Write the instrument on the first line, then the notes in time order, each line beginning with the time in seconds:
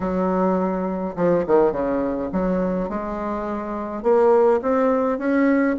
bassoon
0.00 F#3
1.15 F3
1.46 D#3
1.72 C#3
2.32 F#3
2.89 G#3
4.02 A#3
4.62 C4
5.18 C#4